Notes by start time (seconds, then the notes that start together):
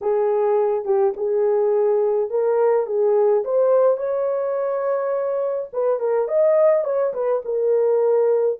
0.01 G#4
0.84 G4
1.17 G#4
2.30 A#4
2.86 G#4
3.44 C5
3.97 C#5
5.72 B4
5.99 A#4
6.28 D#5
6.84 C#5
7.13 B4
7.44 A#4